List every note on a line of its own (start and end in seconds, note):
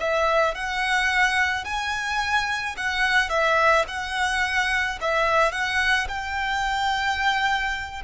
0.00 0.55 E5
0.55 1.65 F#5
1.65 2.76 G#5
2.77 3.29 F#5
3.29 3.85 E5
3.88 4.99 F#5
5.01 5.52 E5
5.52 6.08 F#5
6.08 8.03 G5